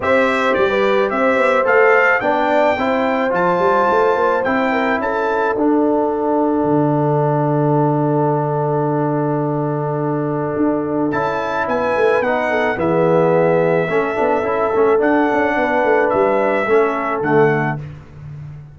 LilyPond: <<
  \new Staff \with { instrumentName = "trumpet" } { \time 4/4 \tempo 4 = 108 e''4 d''4 e''4 f''4 | g''2 a''2 | g''4 a''4 fis''2~ | fis''1~ |
fis''1 | a''4 gis''4 fis''4 e''4~ | e''2. fis''4~ | fis''4 e''2 fis''4 | }
  \new Staff \with { instrumentName = "horn" } { \time 4/4 c''4~ c''16 b'8. c''2 | d''4 c''2.~ | c''8 ais'8 a'2.~ | a'1~ |
a'1~ | a'4 b'4. a'8 gis'4~ | gis'4 a'2. | b'2 a'2 | }
  \new Staff \with { instrumentName = "trombone" } { \time 4/4 g'2. a'4 | d'4 e'4 f'2 | e'2 d'2~ | d'1~ |
d'1 | e'2 dis'4 b4~ | b4 cis'8 d'8 e'8 cis'8 d'4~ | d'2 cis'4 a4 | }
  \new Staff \with { instrumentName = "tuba" } { \time 4/4 c'4 g4 c'8 b8 a4 | b4 c'4 f8 g8 a8 ais8 | c'4 cis'4 d'2 | d1~ |
d2. d'4 | cis'4 b8 a8 b4 e4~ | e4 a8 b8 cis'8 a8 d'8 cis'8 | b8 a8 g4 a4 d4 | }
>>